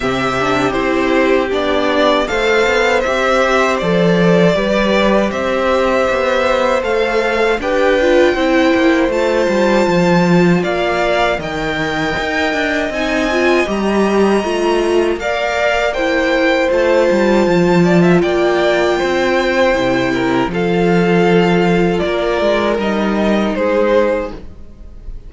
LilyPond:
<<
  \new Staff \with { instrumentName = "violin" } { \time 4/4 \tempo 4 = 79 e''4 c''4 d''4 f''4 | e''4 d''2 e''4~ | e''4 f''4 g''2 | a''2 f''4 g''4~ |
g''4 gis''4 ais''2 | f''4 g''4 a''2 | g''2. f''4~ | f''4 d''4 dis''4 c''4 | }
  \new Staff \with { instrumentName = "violin" } { \time 4/4 g'2. c''4~ | c''2 b'4 c''4~ | c''2 b'4 c''4~ | c''2 d''4 dis''4~ |
dis''1 | d''4 c''2~ c''8 d''16 e''16 | d''4 c''4. ais'8 a'4~ | a'4 ais'2 gis'4 | }
  \new Staff \with { instrumentName = "viola" } { \time 4/4 c'8 d'8 e'4 d'4 a'4 | g'4 a'4 g'2~ | g'4 a'4 g'8 f'8 e'4 | f'2. ais'4~ |
ais'4 dis'8 f'8 g'4 f'4 | ais'4 e'4 f'2~ | f'2 e'4 f'4~ | f'2 dis'2 | }
  \new Staff \with { instrumentName = "cello" } { \time 4/4 c4 c'4 b4 a8 b8 | c'4 f4 g4 c'4 | b4 a4 d'4 c'8 ais8 | a8 g8 f4 ais4 dis4 |
dis'8 d'8 c'4 g4 a4 | ais2 a8 g8 f4 | ais4 c'4 c4 f4~ | f4 ais8 gis8 g4 gis4 | }
>>